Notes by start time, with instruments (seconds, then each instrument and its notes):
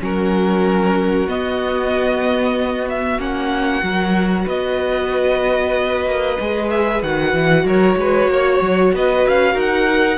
0.00 cello F#3, viola C#4, violin F#4 A#4
1.27 cello B3, viola B3, violin D#5
2.89 violin E5
3.18 cello A#3, viola C#4, violin F#5
3.81 cello F#3, viola F#4, violin A#4
4.44 cello B3, violin B4 D#5
6.05 cello A#3
6.40 cello G#3, viola G#4
6.70 violin E5
7.02 cello D#3, viola F#4, violin F#5
7.33 cello E3
7.63 cello F#3, violin A#4 C#5
7.96 cello G#3, violin B4
8.27 cello A#3, violin C#5
8.61 cello F#3
8.93 cello B3, violin B4 D#5
9.27 cello C#4, violin F5
9.53 cello D#4, violin A#4 F#5